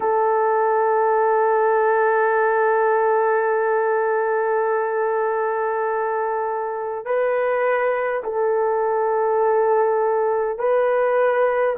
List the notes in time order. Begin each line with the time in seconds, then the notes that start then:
0.00 A4
7.05 B4
8.24 A4
10.58 B4